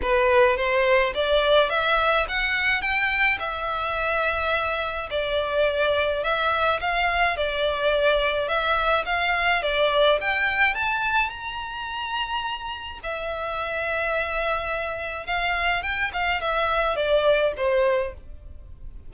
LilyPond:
\new Staff \with { instrumentName = "violin" } { \time 4/4 \tempo 4 = 106 b'4 c''4 d''4 e''4 | fis''4 g''4 e''2~ | e''4 d''2 e''4 | f''4 d''2 e''4 |
f''4 d''4 g''4 a''4 | ais''2. e''4~ | e''2. f''4 | g''8 f''8 e''4 d''4 c''4 | }